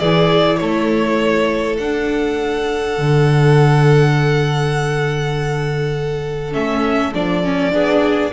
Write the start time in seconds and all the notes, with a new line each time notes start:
0.00 E3 E4 G#4 D5
0.58 A3 A4 C#5
1.78 D4 F#5
2.98 D3
6.53 A3 C#4 E5
7.14 F3 D4 D5
7.44 C#4
7.72 B3 D4 G#4